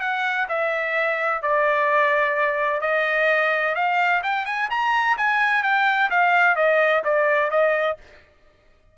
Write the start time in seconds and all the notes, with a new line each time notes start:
0.00 F#5
0.48 E5
1.42 D5
2.81 D#5
3.75 F5
4.23 G5
4.45 G#5
4.70 A#5
5.17 G#5
5.63 G5
6.10 F5
6.56 D#5
7.04 D5
7.50 D#5